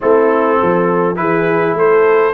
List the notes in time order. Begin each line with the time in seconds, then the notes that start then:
0.00 A3 C4 E4 A4
0.58 F3 A4
1.15 E3 E4 G#4 B4
1.74 A3 A4 C5